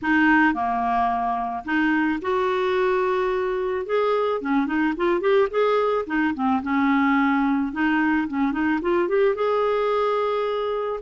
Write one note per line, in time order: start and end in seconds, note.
0.02 0.54 D#4
0.54 1.64 A#3
1.64 2.19 D#4
2.21 3.86 F#4
3.86 4.41 G#4
4.41 4.66 C#4
4.66 4.93 D#4
4.96 5.20 F4
5.20 5.48 G4
5.50 6.05 G#4
6.06 6.34 D#4
6.34 6.62 C4
6.62 7.72 C#4
7.72 8.27 D#4
8.28 8.51 C#4
8.51 8.79 D#4
8.81 9.08 F4
9.08 9.35 G4
9.35 11.00 G#4